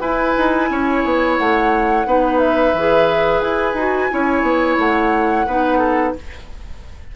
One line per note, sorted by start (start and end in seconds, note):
0.00 0.34 E4
0.00 2.06 E4
0.00 0.69 B4
0.00 1.36 G#5
0.37 0.70 D#4
0.70 1.04 C#4
0.70 2.07 C#5
1.04 1.38 B3
1.37 2.06 A3
1.37 2.39 F#5
2.06 2.74 B3
2.06 2.74 D#4
2.06 4.11 B4
2.39 3.40 E5
2.74 3.41 E3
2.74 3.78 G#4
3.40 3.74 E4
3.40 4.77 G#5
3.74 4.08 D#4
3.74 4.11 F#4
4.11 4.42 C#4
4.11 5.47 E4
4.11 5.46 C#5
4.42 4.76 B3
4.78 5.46 A3
4.78 6.16 F#5
5.46 6.15 B3
5.46 6.16 D#4
5.46 5.78 B4
5.78 6.12 A4